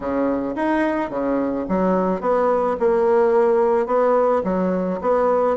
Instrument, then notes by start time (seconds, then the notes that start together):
bassoon
0.00 C#3
0.55 D#4
1.10 C#3
1.68 F#3
2.20 B3
2.79 A#3
3.86 B3
4.44 F#3
5.01 B3